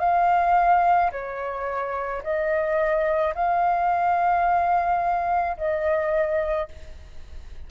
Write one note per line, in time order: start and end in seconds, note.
0.00 1.11 F5
1.12 2.23 C#5
2.23 3.34 D#5
3.35 5.57 F5
5.58 6.69 D#5